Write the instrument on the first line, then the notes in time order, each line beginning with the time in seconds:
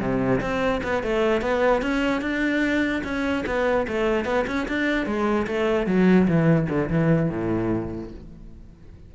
cello
0.00 C3
0.41 C4
0.84 B3
1.03 A3
1.42 B3
1.82 C#4
2.22 D4
3.04 C#4
3.47 B3
3.88 A3
4.25 B3
4.47 C#4
4.69 D4
5.07 G#3
5.47 A3
5.87 F#3
6.28 E3
6.69 D3
6.90 E3
7.30 A2